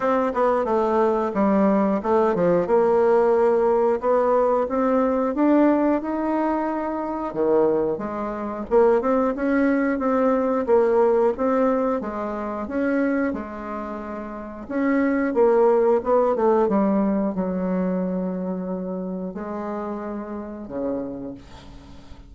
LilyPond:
\new Staff \with { instrumentName = "bassoon" } { \time 4/4 \tempo 4 = 90 c'8 b8 a4 g4 a8 f8 | ais2 b4 c'4 | d'4 dis'2 dis4 | gis4 ais8 c'8 cis'4 c'4 |
ais4 c'4 gis4 cis'4 | gis2 cis'4 ais4 | b8 a8 g4 fis2~ | fis4 gis2 cis4 | }